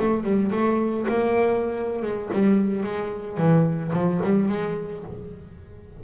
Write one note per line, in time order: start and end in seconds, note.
0.00 0.24 A3
0.24 0.51 G3
0.52 1.06 A3
1.09 2.03 A#3
2.03 2.30 G#3
2.33 2.84 G3
2.84 3.38 G#3
3.38 3.92 E3
3.94 4.21 F3
4.24 4.49 G3
4.49 5.04 G#3